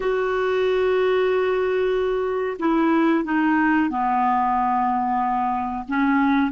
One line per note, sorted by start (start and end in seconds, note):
0.00 2.57 F#4
2.59 3.24 E4
3.24 3.89 D#4
3.89 5.85 B3
5.88 6.51 C#4